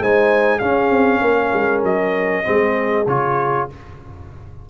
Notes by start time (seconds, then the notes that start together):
0.00 G#3 D#4 C5 G#5
0.58 C#4 G#4 F5
0.90 C4
1.21 A#3 A#4
1.53 G#3
1.83 F#3 D#5
2.44 G#3 C4 G#4
3.07 C#3 F4 C#5